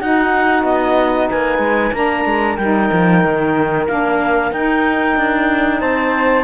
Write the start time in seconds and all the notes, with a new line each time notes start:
0.00 D#4 F#4 F#5
0.63 B3 D#5
1.29 A#3 B4 G#5
1.58 G#3
1.92 A#3 D4 A#4 A#5
2.25 G#3
2.56 G3 D#4 G5
2.92 F3
3.24 D#3
3.87 A#3 D4 F5
4.51 D#4 G5
5.16 D4
5.80 C4 C5 A5